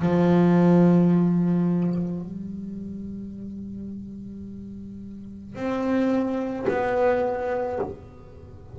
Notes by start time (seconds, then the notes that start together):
0.00 F3
2.22 G3
5.55 C4
6.68 B3